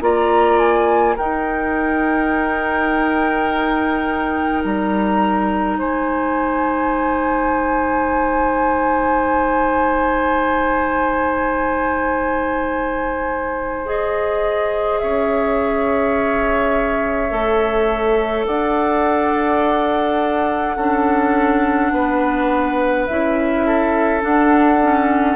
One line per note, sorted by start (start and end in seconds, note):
0.00 1.16 A#3
0.00 1.15 F4
0.00 1.15 D5
0.00 0.58 A#5
0.58 1.16 G#5
1.15 4.63 D#4
1.15 13.85 D#4
1.15 5.77 A#4
1.15 4.63 G5
4.63 5.78 G3
4.63 5.79 A#5
5.78 15.01 G#3
5.78 15.01 C5
5.78 13.87 G#5
13.85 17.30 G#4
13.85 14.99 D#5
14.99 17.31 C#4
14.99 18.47 C#5
14.99 18.45 E5
17.30 18.46 A3
17.30 20.76 A4
18.45 20.76 D4
18.45 20.75 D5
18.45 23.06 F#5
20.75 21.91 C#4
20.75 23.09 D4
20.75 21.91 A4
21.91 23.06 B3
21.91 23.66 B4
23.06 24.24 C#4
23.06 24.20 E4
23.06 24.21 E5
23.66 25.35 A4
24.20 24.78 D4
24.20 25.35 D4
24.20 25.35 F#5
24.82 25.35 C#4